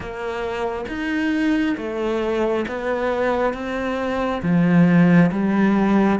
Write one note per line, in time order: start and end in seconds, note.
0.00 0.85 A#3
0.88 1.76 D#4
1.77 2.65 A3
2.68 3.53 B3
3.53 4.41 C4
4.42 5.30 F3
5.31 6.19 G3